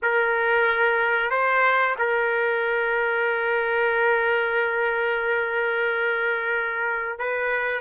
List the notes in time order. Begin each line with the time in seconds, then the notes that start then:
0.02 A#4
1.30 C5
1.98 A#4
7.18 B4